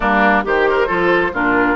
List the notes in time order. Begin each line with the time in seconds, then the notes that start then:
0.00 G3 A#3 D4 A#4
0.44 D#3 G4 C5
0.69 A#4
0.87 F3 F4 A4
1.32 A#2 D4 F4 A#4